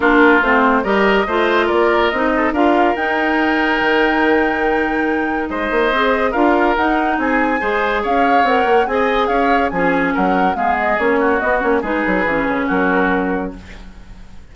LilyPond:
<<
  \new Staff \with { instrumentName = "flute" } { \time 4/4 \tempo 4 = 142 ais'4 c''4 dis''2 | d''4 dis''4 f''4 g''4~ | g''1~ | g''4 dis''2 f''4 |
fis''4 gis''2 f''4 | fis''4 gis''4 f''4 gis''4 | fis''4 f''8 dis''8 cis''4 dis''8 cis''8 | b'2 ais'2 | }
  \new Staff \with { instrumentName = "oboe" } { \time 4/4 f'2 ais'4 c''4 | ais'4. a'8 ais'2~ | ais'1~ | ais'4 c''2 ais'4~ |
ais'4 gis'4 c''4 cis''4~ | cis''4 dis''4 cis''4 gis'4 | ais'4 gis'4. fis'4. | gis'2 fis'2 | }
  \new Staff \with { instrumentName = "clarinet" } { \time 4/4 d'4 c'4 g'4 f'4~ | f'4 dis'4 f'4 dis'4~ | dis'1~ | dis'2 gis'4 f'4 |
dis'2 gis'2 | ais'4 gis'2 cis'4~ | cis'4 b4 cis'4 b8 cis'8 | dis'4 cis'2. | }
  \new Staff \with { instrumentName = "bassoon" } { \time 4/4 ais4 a4 g4 a4 | ais4 c'4 d'4 dis'4~ | dis'4 dis2.~ | dis4 gis8 ais8 c'4 d'4 |
dis'4 c'4 gis4 cis'4 | c'8 ais8 c'4 cis'4 f4 | fis4 gis4 ais4 b8 ais8 | gis8 fis8 e8 cis8 fis2 | }
>>